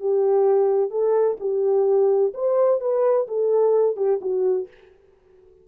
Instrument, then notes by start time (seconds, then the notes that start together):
horn
0.00 G4
0.90 A4
1.40 G4
2.34 C5
2.80 B4
3.27 A4
3.96 G4
4.21 F#4